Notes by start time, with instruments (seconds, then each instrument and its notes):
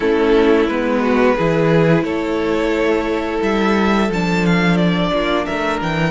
0.00 cello A3, viola C#4, violin E4 A4
0.67 cello G#3, viola B3, violin B4
1.01 violin F#4
1.35 cello E3, viola E4, violin G#4
2.02 cello A3, violin A4 C#5
3.42 cello G3, violin E5
4.08 cello F3, viola D4, violin A5
4.46 violin F5
4.76 violin D5
5.12 cello A#3, violin F4
5.45 cello A3, violin A#4 E5
5.80 cello E3, violin G5